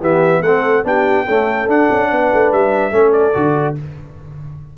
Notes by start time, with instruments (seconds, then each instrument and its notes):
0.00 tuba E3, trombone B3, horn G4, trumpet E5
0.41 tuba A3, trombone C4, horn A4, trumpet F#5
0.84 tuba B3, trombone D4, horn G4, trumpet G5
1.25 trombone A3, tuba C#4, horn A4
1.67 tuba D4, trombone D4, trumpet F#5
1.90 tuba C#4
2.10 tuba B3, horn B4
2.33 tuba A3
2.52 tuba G3, trumpet E5
2.91 tuba A3, trombone C#4, horn A4
3.12 trumpet D5
3.33 tuba D3, trombone F#4